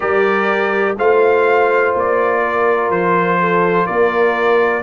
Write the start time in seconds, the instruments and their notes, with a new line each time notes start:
0.00 tuba G3, trombone G4, horn A#4, trumpet D5
0.96 tuba A3, trombone F4, horn C5, trumpet F5
1.94 tuba A#3, trumpet D5
2.43 horn A#4
2.90 tuba F3, trumpet C5
3.40 horn A4
3.86 tuba A#3, horn A#4, trumpet D5